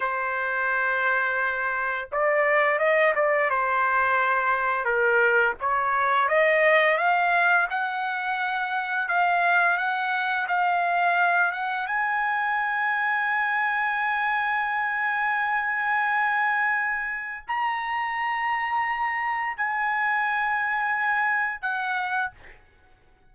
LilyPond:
\new Staff \with { instrumentName = "trumpet" } { \time 4/4 \tempo 4 = 86 c''2. d''4 | dis''8 d''8 c''2 ais'4 | cis''4 dis''4 f''4 fis''4~ | fis''4 f''4 fis''4 f''4~ |
f''8 fis''8 gis''2.~ | gis''1~ | gis''4 ais''2. | gis''2. fis''4 | }